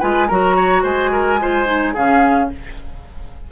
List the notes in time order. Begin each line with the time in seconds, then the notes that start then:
0.00 G#3 F4 B4 G#5
0.28 F#3 F#4 A#4 A#5
0.56 C#5
0.83 G#3 C5 G#5
1.12 A#4
1.40 F4 C5
1.66 D#4
1.94 C#3 C#4 G#4 F5